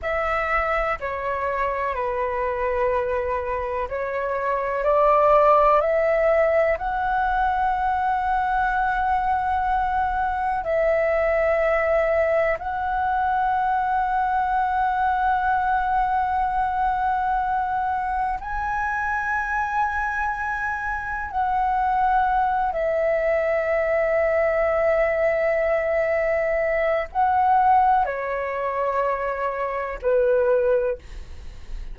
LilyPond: \new Staff \with { instrumentName = "flute" } { \time 4/4 \tempo 4 = 62 e''4 cis''4 b'2 | cis''4 d''4 e''4 fis''4~ | fis''2. e''4~ | e''4 fis''2.~ |
fis''2. gis''4~ | gis''2 fis''4. e''8~ | e''1 | fis''4 cis''2 b'4 | }